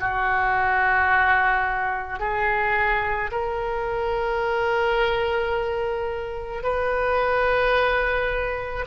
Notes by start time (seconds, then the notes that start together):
0.00 F#4
2.19 G#4
3.31 A#4
6.63 B4